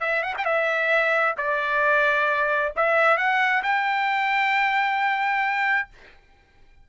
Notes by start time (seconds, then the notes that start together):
0.00 E5
0.23 F#5
0.37 G5
0.44 E5
1.37 D5
2.76 E5
3.17 F#5
3.63 G5